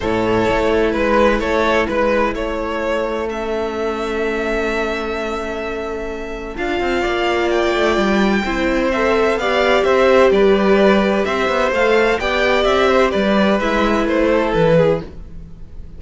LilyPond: <<
  \new Staff \with { instrumentName = "violin" } { \time 4/4 \tempo 4 = 128 cis''2 b'4 cis''4 | b'4 cis''2 e''4~ | e''1~ | e''2 f''2 |
g''2. e''4 | f''4 e''4 d''2 | e''4 f''4 g''4 e''4 | d''4 e''4 c''4 b'4 | }
  \new Staff \with { instrumentName = "violin" } { \time 4/4 a'2 b'4 a'4 | b'4 a'2.~ | a'1~ | a'2. d''4~ |
d''2 c''2 | d''4 c''4 b'2 | c''2 d''4. c''8 | b'2~ b'8 a'4 gis'8 | }
  \new Staff \with { instrumentName = "viola" } { \time 4/4 e'1~ | e'2. cis'4~ | cis'1~ | cis'2 f'2~ |
f'2 e'4 a'4 | g'1~ | g'4 a'4 g'2~ | g'4 e'2. | }
  \new Staff \with { instrumentName = "cello" } { \time 4/4 a,4 a4 gis4 a4 | gis4 a2.~ | a1~ | a2 d'8 c'8 ais4~ |
ais8 a8 g4 c'2 | b4 c'4 g2 | c'8 b8 a4 b4 c'4 | g4 gis4 a4 e4 | }
>>